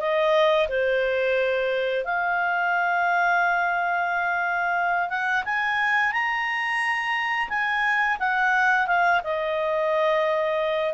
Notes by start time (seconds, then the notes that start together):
0.00 D#5
0.69 C5
2.05 F5
5.10 F#5
5.45 G#5
6.13 A#5
7.50 G#5
8.20 F#5
8.87 F5
9.24 D#5